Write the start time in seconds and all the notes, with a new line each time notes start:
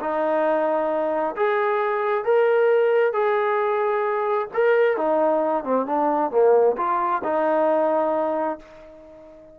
0.00 D#4
1.36 G#4
2.25 A#4
3.13 G#4
4.54 A#4
4.97 D#4
5.64 C4
5.86 D4
6.31 A#3
6.77 F4
7.24 D#4